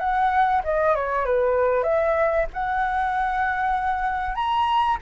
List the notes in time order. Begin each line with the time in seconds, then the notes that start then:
0.00 F#5
0.64 D#5
0.95 C#5
1.26 B4
1.84 E5
2.54 F#5
4.36 A#5